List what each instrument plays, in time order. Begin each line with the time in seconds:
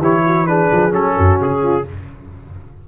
0.00 tuba E3, trombone E4, horn G4, trumpet C#5
0.27 horn F#4
0.47 trombone D4, horn G#4, trumpet B4
0.72 tuba F3
0.91 tuba F#3, trombone C#4, trumpet A4
1.16 tuba F#2, horn F#4
1.41 tuba C#3, trumpet G#4
1.63 horn F4